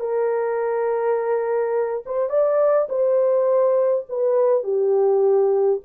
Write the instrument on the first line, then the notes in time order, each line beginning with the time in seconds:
horn
0.00 A#4
2.06 C5
2.30 D5
2.89 C5
4.09 B4
4.63 G4